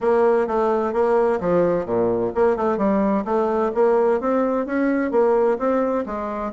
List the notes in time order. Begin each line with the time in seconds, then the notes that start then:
0.00 A#3
0.47 A3
0.93 A#3
1.40 F3
1.85 A#2
2.34 A#3
2.56 A3
2.77 G3
3.25 A3
3.74 A#3
4.20 C4
4.66 C#4
5.11 A#3
5.58 C4
6.06 G#3